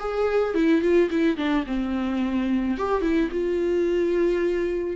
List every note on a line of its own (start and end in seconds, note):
0.00 0.55 G#4
0.55 0.82 E4
0.82 1.10 F4
1.11 1.37 E4
1.37 1.65 D4
1.67 2.78 C4
2.78 3.02 G4
3.02 3.30 E4
3.32 4.97 F4